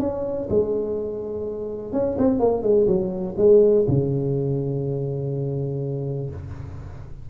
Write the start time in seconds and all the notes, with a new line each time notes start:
0.00 C#4
0.50 G#3
1.93 C#4
2.18 C4
2.40 A#3
2.63 G#3
2.87 F#3
3.38 G#3
3.88 C#3